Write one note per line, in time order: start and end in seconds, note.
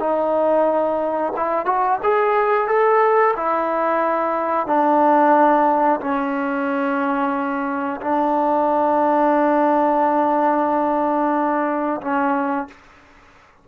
0.00 1.33 D#4
1.37 1.66 E4
1.66 1.99 F#4
2.04 2.68 G#4
2.68 3.35 A4
3.37 4.67 E4
4.67 6.01 D4
6.01 8.01 C#4
8.01 12.01 D4
12.02 12.68 C#4